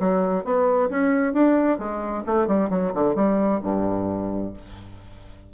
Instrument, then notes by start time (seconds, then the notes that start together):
bassoon
0.00 F#3
0.44 B3
0.90 C#4
1.33 D4
1.79 G#3
2.26 A3
2.48 G3
2.70 F#3
2.94 D3
3.16 G3
3.63 G2